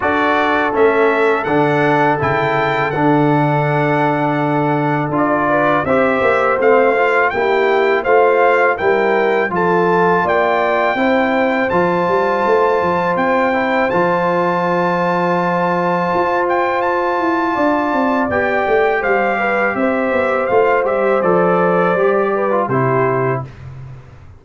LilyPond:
<<
  \new Staff \with { instrumentName = "trumpet" } { \time 4/4 \tempo 4 = 82 d''4 e''4 fis''4 g''4 | fis''2. d''4 | e''4 f''4 g''4 f''4 | g''4 a''4 g''2 |
a''2 g''4 a''4~ | a''2~ a''8 g''8 a''4~ | a''4 g''4 f''4 e''4 | f''8 e''8 d''2 c''4 | }
  \new Staff \with { instrumentName = "horn" } { \time 4/4 a'1~ | a'2.~ a'8 b'8 | c''2 g'4 c''4 | ais'4 a'4 d''4 c''4~ |
c''1~ | c''1 | d''2 c''8 b'8 c''4~ | c''2~ c''8 b'8 g'4 | }
  \new Staff \with { instrumentName = "trombone" } { \time 4/4 fis'4 cis'4 d'4 e'4 | d'2. f'4 | g'4 c'8 f'8 e'4 f'4 | e'4 f'2 e'4 |
f'2~ f'8 e'8 f'4~ | f'1~ | f'4 g'2. | f'8 g'8 a'4 g'8. f'16 e'4 | }
  \new Staff \with { instrumentName = "tuba" } { \time 4/4 d'4 a4 d4 cis4 | d2. d'4 | c'8 ais8 a4 ais4 a4 | g4 f4 ais4 c'4 |
f8 g8 a8 f8 c'4 f4~ | f2 f'4. e'8 | d'8 c'8 b8 a8 g4 c'8 b8 | a8 g8 f4 g4 c4 | }
>>